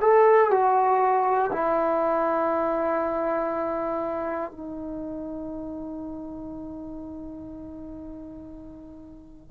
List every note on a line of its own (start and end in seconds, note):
0.00 0.50 A4
0.50 1.50 F#4
1.51 4.50 E4
4.50 9.50 D#4